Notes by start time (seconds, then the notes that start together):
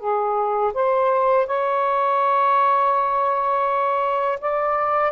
0.00 G#4
0.74 C5
1.47 C#5
4.41 D5